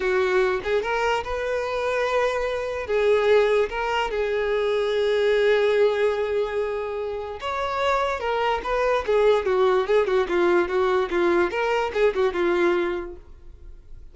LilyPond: \new Staff \with { instrumentName = "violin" } { \time 4/4 \tempo 4 = 146 fis'4. gis'8 ais'4 b'4~ | b'2. gis'4~ | gis'4 ais'4 gis'2~ | gis'1~ |
gis'2 cis''2 | ais'4 b'4 gis'4 fis'4 | gis'8 fis'8 f'4 fis'4 f'4 | ais'4 gis'8 fis'8 f'2 | }